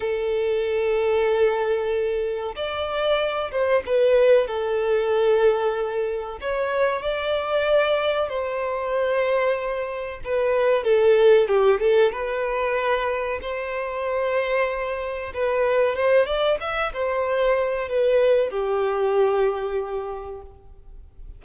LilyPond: \new Staff \with { instrumentName = "violin" } { \time 4/4 \tempo 4 = 94 a'1 | d''4. c''8 b'4 a'4~ | a'2 cis''4 d''4~ | d''4 c''2. |
b'4 a'4 g'8 a'8 b'4~ | b'4 c''2. | b'4 c''8 d''8 e''8 c''4. | b'4 g'2. | }